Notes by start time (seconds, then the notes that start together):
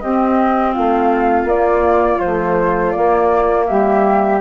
0.00 C4 G4 D#5
0.06 C4
0.73 A3 F4 F5
1.44 A#3 D5
2.20 F3 A3 C5
2.91 A#3 D5
3.66 G3 G4 E5